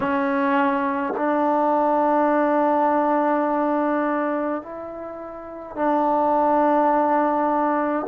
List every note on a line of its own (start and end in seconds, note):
0.00 1.13 C#4
1.16 4.62 D4
4.62 5.75 E4
5.75 8.06 D4